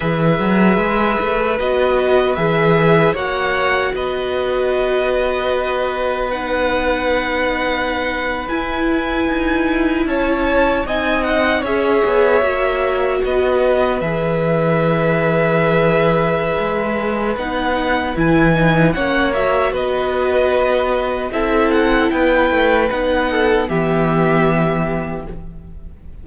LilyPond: <<
  \new Staff \with { instrumentName = "violin" } { \time 4/4 \tempo 4 = 76 e''2 dis''4 e''4 | fis''4 dis''2. | fis''2~ fis''8. gis''4~ gis''16~ | gis''8. a''4 gis''8 fis''8 e''4~ e''16~ |
e''8. dis''4 e''2~ e''16~ | e''2 fis''4 gis''4 | fis''8 e''8 dis''2 e''8 fis''8 | g''4 fis''4 e''2 | }
  \new Staff \with { instrumentName = "violin" } { \time 4/4 b'1 | cis''4 b'2.~ | b'1~ | b'8. cis''4 dis''4 cis''4~ cis''16~ |
cis''8. b'2.~ b'16~ | b'1 | cis''4 b'2 a'4 | b'4. a'8 g'2 | }
  \new Staff \with { instrumentName = "viola" } { \time 4/4 gis'2 fis'4 gis'4 | fis'1 | dis'2~ dis'8. e'4~ e'16~ | e'4.~ e'16 dis'4 gis'4 fis'16~ |
fis'4.~ fis'16 gis'2~ gis'16~ | gis'2 dis'4 e'8 dis'8 | cis'8 fis'2~ fis'8 e'4~ | e'4 dis'4 b2 | }
  \new Staff \with { instrumentName = "cello" } { \time 4/4 e8 fis8 gis8 a8 b4 e4 | ais4 b2.~ | b2~ b8. e'4 dis'16~ | dis'8. cis'4 c'4 cis'8 b8 ais16~ |
ais8. b4 e2~ e16~ | e4 gis4 b4 e4 | ais4 b2 c'4 | b8 a8 b4 e2 | }
>>